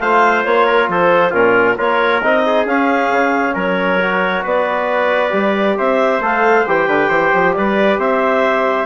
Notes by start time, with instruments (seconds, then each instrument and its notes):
0.00 bassoon A3, trombone F4, trumpet C5, clarinet F5
0.45 bassoon A#3, clarinet C#5
0.67 trumpet A#4
0.88 bassoon F3, trumpet A4, clarinet C5
1.31 bassoon A#2, trombone C#4, trumpet F4, clarinet A#4
1.77 bassoon A#3, trombone F4, trumpet A#4, clarinet C#5
2.22 bassoon C4, trombone D#4, clarinet D#5
2.46 trumpet G#4
2.66 bassoon C#4, trombone C#4, clarinet F5
3.11 bassoon C#3
3.54 bassoon F#3, trumpet A#4, clarinet C#5
4.01 trombone F#4
4.43 bassoon B3, trumpet B4, clarinet D5
5.31 bassoon G3, trombone G4
5.78 bassoon C4, trumpet C5, clarinet E5
6.20 bassoon A3, trombone A4, clarinet F5
6.66 bassoon E3, trombone G4, clarinet G5
6.87 bassoon D3, trumpet B4
7.09 bassoon E3, trumpet C5
7.34 bassoon F3
7.54 bassoon G3, trumpet B4, clarinet D5
7.98 bassoon C4, trumpet C5, clarinet E5